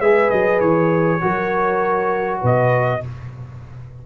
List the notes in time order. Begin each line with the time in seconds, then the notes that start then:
0.00 G#3 G#4 B4 E5
0.30 F#3 D#5
0.60 E3 C#5
1.21 F#3 F#4 A#4
2.41 B2 B4 D#5